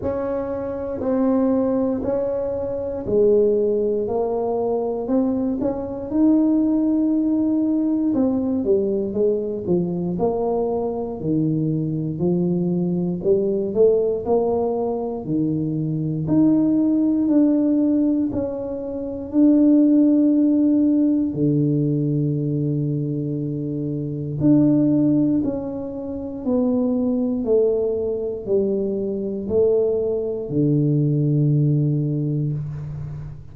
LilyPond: \new Staff \with { instrumentName = "tuba" } { \time 4/4 \tempo 4 = 59 cis'4 c'4 cis'4 gis4 | ais4 c'8 cis'8 dis'2 | c'8 g8 gis8 f8 ais4 dis4 | f4 g8 a8 ais4 dis4 |
dis'4 d'4 cis'4 d'4~ | d'4 d2. | d'4 cis'4 b4 a4 | g4 a4 d2 | }